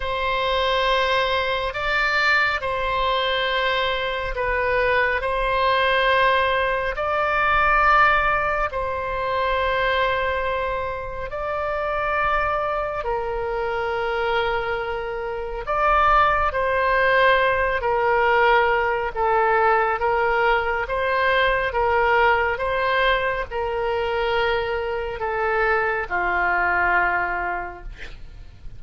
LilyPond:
\new Staff \with { instrumentName = "oboe" } { \time 4/4 \tempo 4 = 69 c''2 d''4 c''4~ | c''4 b'4 c''2 | d''2 c''2~ | c''4 d''2 ais'4~ |
ais'2 d''4 c''4~ | c''8 ais'4. a'4 ais'4 | c''4 ais'4 c''4 ais'4~ | ais'4 a'4 f'2 | }